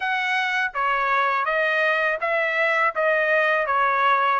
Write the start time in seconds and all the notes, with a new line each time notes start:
0.00 F#5
0.74 C#5
1.45 D#5
2.21 E5
2.95 D#5
3.66 C#5